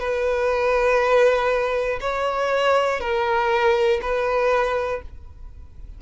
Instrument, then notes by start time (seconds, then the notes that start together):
violin
0.00 B4
2.01 C#5
3.01 A#4
4.02 B4